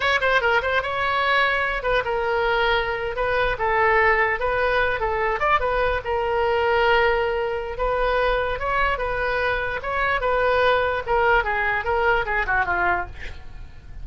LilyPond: \new Staff \with { instrumentName = "oboe" } { \time 4/4 \tempo 4 = 147 cis''8 c''8 ais'8 c''8 cis''2~ | cis''8 b'8 ais'2~ ais'8. b'16~ | b'8. a'2 b'4~ b'16~ | b'16 a'4 d''8 b'4 ais'4~ ais'16~ |
ais'2. b'4~ | b'4 cis''4 b'2 | cis''4 b'2 ais'4 | gis'4 ais'4 gis'8 fis'8 f'4 | }